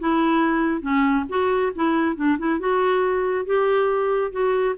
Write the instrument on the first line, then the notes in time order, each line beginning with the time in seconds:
clarinet
0.00 E4
0.82 C#4
1.29 F#4
1.75 E4
2.16 D4
2.39 E4
2.60 F#4
3.46 G4
4.32 F#4